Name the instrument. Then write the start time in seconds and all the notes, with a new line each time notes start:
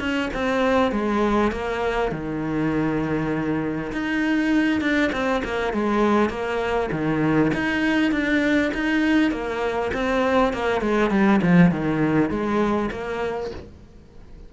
cello
0.00 C#4
0.34 C4
0.92 G#3
1.52 A#3
2.12 D#3
3.92 D#4
4.81 D4
5.13 C4
5.45 A#3
5.74 G#3
6.30 A#3
6.92 D#3
7.54 D#4
8.12 D4
8.74 D#4
9.31 A#3
9.94 C4
10.53 A#3
10.81 G#3
11.11 G3
11.42 F3
11.72 D#3
12.31 G#3
12.92 A#3